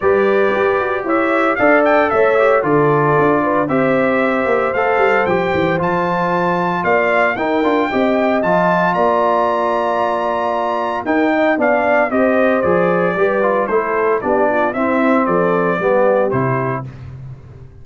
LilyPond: <<
  \new Staff \with { instrumentName = "trumpet" } { \time 4/4 \tempo 4 = 114 d''2 e''4 f''8 g''8 | e''4 d''2 e''4~ | e''4 f''4 g''4 a''4~ | a''4 f''4 g''2 |
a''4 ais''2.~ | ais''4 g''4 f''4 dis''4 | d''2 c''4 d''4 | e''4 d''2 c''4 | }
  \new Staff \with { instrumentName = "horn" } { \time 4/4 b'2 cis''4 d''4 | cis''4 a'4. b'8 c''4~ | c''1~ | c''4 d''4 ais'4 dis''4~ |
dis''4 d''2.~ | d''4 ais'8 dis''8 d''4 c''4~ | c''4 b'4 a'4 g'8 f'8 | e'4 a'4 g'2 | }
  \new Staff \with { instrumentName = "trombone" } { \time 4/4 g'2. a'4~ | a'8 g'8 f'2 g'4~ | g'4 a'4 g'4 f'4~ | f'2 dis'8 f'8 g'4 |
f'1~ | f'4 dis'4 d'4 g'4 | gis'4 g'8 f'8 e'4 d'4 | c'2 b4 e'4 | }
  \new Staff \with { instrumentName = "tuba" } { \time 4/4 g4 g'8 fis'8 e'4 d'4 | a4 d4 d'4 c'4~ | c'8 ais8 a8 g8 f8 e8 f4~ | f4 ais4 dis'8 d'8 c'4 |
f4 ais2.~ | ais4 dis'4 b4 c'4 | f4 g4 a4 b4 | c'4 f4 g4 c4 | }
>>